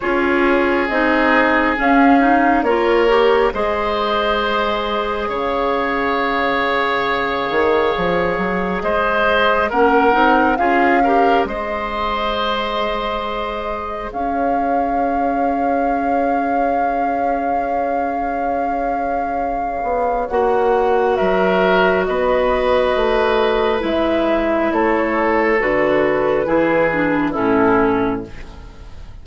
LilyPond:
<<
  \new Staff \with { instrumentName = "flute" } { \time 4/4 \tempo 4 = 68 cis''4 dis''4 f''4 cis''4 | dis''2 f''2~ | f''2 dis''4 fis''4 | f''4 dis''2. |
f''1~ | f''2. fis''4 | e''4 dis''2 e''4 | cis''4 b'2 a'4 | }
  \new Staff \with { instrumentName = "oboe" } { \time 4/4 gis'2. ais'4 | c''2 cis''2~ | cis''2 c''4 ais'4 | gis'8 ais'8 c''2. |
cis''1~ | cis''1 | ais'4 b'2. | a'2 gis'4 e'4 | }
  \new Staff \with { instrumentName = "clarinet" } { \time 4/4 f'4 dis'4 cis'8 dis'8 f'8 g'8 | gis'1~ | gis'2. cis'8 dis'8 | f'8 g'8 gis'2.~ |
gis'1~ | gis'2. fis'4~ | fis'2. e'4~ | e'4 fis'4 e'8 d'8 cis'4 | }
  \new Staff \with { instrumentName = "bassoon" } { \time 4/4 cis'4 c'4 cis'4 ais4 | gis2 cis2~ | cis8 dis8 f8 fis8 gis4 ais8 c'8 | cis'4 gis2. |
cis'1~ | cis'2~ cis'8 b8 ais4 | fis4 b4 a4 gis4 | a4 d4 e4 a,4 | }
>>